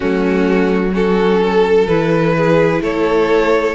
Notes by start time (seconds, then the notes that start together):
0.00 F#3 A3 C#4 F#4
0.92 C#4 F#4 A4
1.43 A4
1.86 E3 E4 B4
2.36 G#4
2.81 A3 A4 C#5